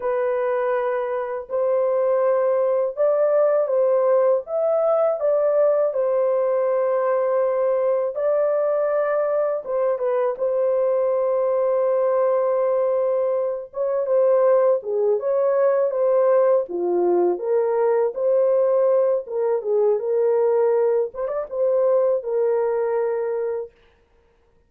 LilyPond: \new Staff \with { instrumentName = "horn" } { \time 4/4 \tempo 4 = 81 b'2 c''2 | d''4 c''4 e''4 d''4 | c''2. d''4~ | d''4 c''8 b'8 c''2~ |
c''2~ c''8 cis''8 c''4 | gis'8 cis''4 c''4 f'4 ais'8~ | ais'8 c''4. ais'8 gis'8 ais'4~ | ais'8 c''16 d''16 c''4 ais'2 | }